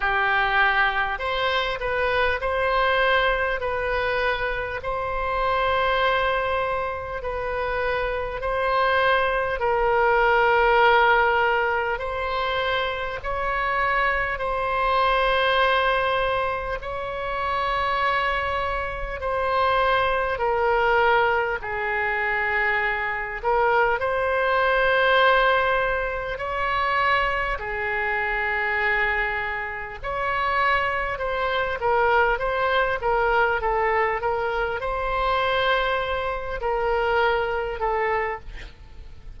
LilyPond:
\new Staff \with { instrumentName = "oboe" } { \time 4/4 \tempo 4 = 50 g'4 c''8 b'8 c''4 b'4 | c''2 b'4 c''4 | ais'2 c''4 cis''4 | c''2 cis''2 |
c''4 ais'4 gis'4. ais'8 | c''2 cis''4 gis'4~ | gis'4 cis''4 c''8 ais'8 c''8 ais'8 | a'8 ais'8 c''4. ais'4 a'8 | }